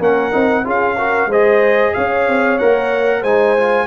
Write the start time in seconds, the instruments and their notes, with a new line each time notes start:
0.00 tuba A#3, trombone C#4, horn A#4, trumpet F#5
0.32 tuba C4, trombone D#4
0.64 tuba C#4, trombone F4, horn G#4, trumpet F5
0.98 trombone F#4, horn A#4
1.26 tuba G#3, horn C5, trumpet D#5
1.33 trombone G#4
1.94 tuba C#4, horn C#5, trumpet F5
2.28 tuba C4
2.59 tuba A#3, trombone A#4, trumpet F#5
3.22 tuba G#3, trombone D#4, horn C5, trumpet G#5
3.59 trombone F4